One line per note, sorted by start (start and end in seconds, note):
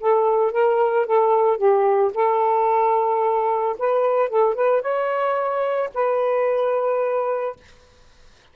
0.00 0.52 A4
0.52 1.06 A#4
1.06 1.57 A4
1.57 2.11 G4
2.14 3.76 A4
3.78 4.29 B4
4.29 4.54 A4
4.54 4.81 B4
4.81 5.89 C#5
5.94 7.56 B4